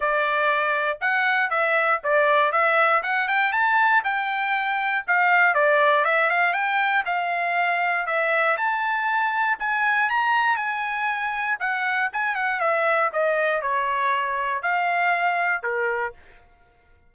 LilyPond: \new Staff \with { instrumentName = "trumpet" } { \time 4/4 \tempo 4 = 119 d''2 fis''4 e''4 | d''4 e''4 fis''8 g''8 a''4 | g''2 f''4 d''4 | e''8 f''8 g''4 f''2 |
e''4 a''2 gis''4 | ais''4 gis''2 fis''4 | gis''8 fis''8 e''4 dis''4 cis''4~ | cis''4 f''2 ais'4 | }